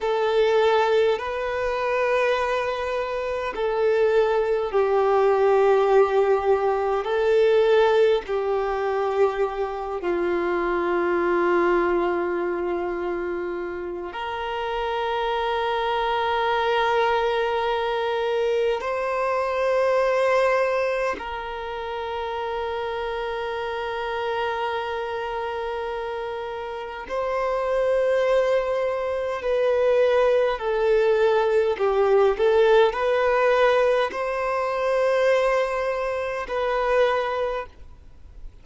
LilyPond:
\new Staff \with { instrumentName = "violin" } { \time 4/4 \tempo 4 = 51 a'4 b'2 a'4 | g'2 a'4 g'4~ | g'8 f'2.~ f'8 | ais'1 |
c''2 ais'2~ | ais'2. c''4~ | c''4 b'4 a'4 g'8 a'8 | b'4 c''2 b'4 | }